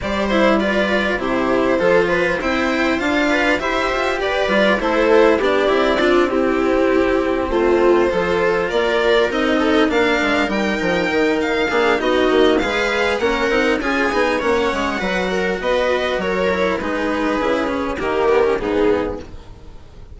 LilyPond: <<
  \new Staff \with { instrumentName = "violin" } { \time 4/4 \tempo 4 = 100 d''8 c''8 d''4 c''2 | g''4 f''4 e''4 d''4 | c''4 d''4. g'4.~ | g'8 c''2 d''4 dis''8~ |
dis''8 f''4 g''4. f''4 | dis''4 f''4 fis''4 gis''4 | fis''2 dis''4 cis''4 | b'2 ais'4 gis'4 | }
  \new Staff \with { instrumentName = "viola" } { \time 4/4 c''4 b'4 g'4 a'8 b'8 | c''4. b'8 c''4 b'4 | a'4 g'4 f'8 e'4.~ | e'8 f'4 a'4 ais'4. |
a'8 ais'2. gis'8 | fis'4 b'4 ais'4 gis'4 | cis''4 b'8 ais'8 b'4 ais'4 | gis'2 g'4 dis'4 | }
  \new Staff \with { instrumentName = "cello" } { \time 4/4 g'8 e'8 f'4 e'4 f'4 | e'4 f'4 g'4. f'8 | e'4 d'8 e'8 d'8 c'4.~ | c'4. f'2 dis'8~ |
dis'8 d'4 dis'2 d'8 | dis'4 gis'4 cis'8 dis'8 f'8 dis'8 | cis'4 fis'2~ fis'8 e'8 | dis'4 e'8 cis'8 ais8 b16 cis'16 b4 | }
  \new Staff \with { instrumentName = "bassoon" } { \time 4/4 g2 c4 f4 | c'4 d'4 e'8 f'8 g'8 g8 | a4 b8 c'2~ c'8~ | c'8 a4 f4 ais4 c'8~ |
c'8 ais8 gis8 g8 f8 dis4 ais8 | b8 ais8 gis4 ais8 c'8 cis'8 b8 | ais8 gis8 fis4 b4 fis4 | gis4 cis4 dis4 gis,4 | }
>>